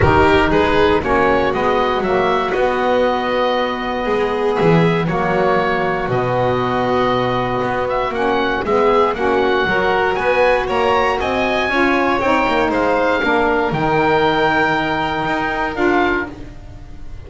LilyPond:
<<
  \new Staff \with { instrumentName = "oboe" } { \time 4/4 \tempo 4 = 118 ais'4 b'4 cis''4 dis''4 | e''4 dis''2.~ | dis''4 e''4 cis''2 | dis''2.~ dis''8 e''8 |
fis''4 e''4 fis''2 | gis''4 ais''4 gis''2 | g''4 f''2 g''4~ | g''2. f''4 | }
  \new Staff \with { instrumentName = "violin" } { \time 4/4 g'4 gis'4 fis'2~ | fis'1 | gis'2 fis'2~ | fis'1~ |
fis'4 gis'4 fis'4 ais'4 | b'4 cis''4 dis''4 cis''4~ | cis''4 c''4 ais'2~ | ais'1 | }
  \new Staff \with { instrumentName = "saxophone" } { \time 4/4 dis'2 cis'4 b4 | ais4 b2.~ | b2 ais2 | b1 |
cis'4 b4 cis'4 fis'4~ | fis'2. f'4 | dis'2 d'4 dis'4~ | dis'2. f'4 | }
  \new Staff \with { instrumentName = "double bass" } { \time 4/4 dis4 gis4 ais4 gis4 | fis4 b2. | gis4 e4 fis2 | b,2. b4 |
ais4 gis4 ais4 fis4 | b4 ais4 c'4 cis'4 | c'8 ais8 gis4 ais4 dis4~ | dis2 dis'4 d'4 | }
>>